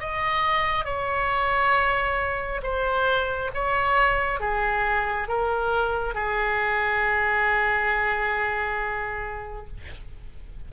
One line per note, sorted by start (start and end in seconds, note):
0.00 0.85 D#5
0.85 2.61 C#5
2.63 3.51 C5
3.55 4.40 C#5
4.40 5.28 G#4
5.28 6.15 A#4
6.15 9.68 G#4